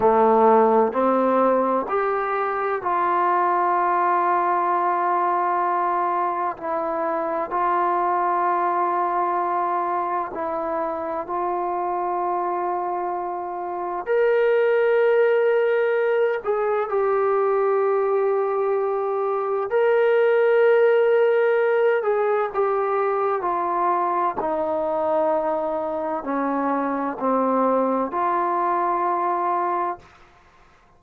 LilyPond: \new Staff \with { instrumentName = "trombone" } { \time 4/4 \tempo 4 = 64 a4 c'4 g'4 f'4~ | f'2. e'4 | f'2. e'4 | f'2. ais'4~ |
ais'4. gis'8 g'2~ | g'4 ais'2~ ais'8 gis'8 | g'4 f'4 dis'2 | cis'4 c'4 f'2 | }